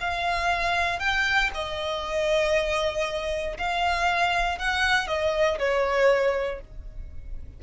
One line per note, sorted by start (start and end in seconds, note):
0.00 0.99 F5
0.99 1.50 G5
1.54 3.58 D#5
3.58 4.59 F5
4.59 5.07 F#5
5.07 5.58 D#5
5.59 6.61 C#5